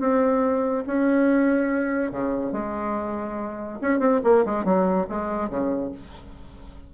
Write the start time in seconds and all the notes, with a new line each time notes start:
0.00 C4
0.87 C#4
2.12 C#3
2.53 G#3
3.82 C#4
4.00 C4
4.24 A#3
4.46 G#3
4.65 F#3
5.10 G#3
5.50 C#3